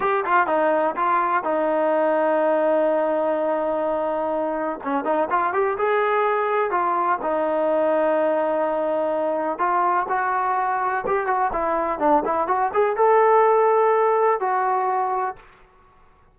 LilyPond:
\new Staff \with { instrumentName = "trombone" } { \time 4/4 \tempo 4 = 125 g'8 f'8 dis'4 f'4 dis'4~ | dis'1~ | dis'2 cis'8 dis'8 f'8 g'8 | gis'2 f'4 dis'4~ |
dis'1 | f'4 fis'2 g'8 fis'8 | e'4 d'8 e'8 fis'8 gis'8 a'4~ | a'2 fis'2 | }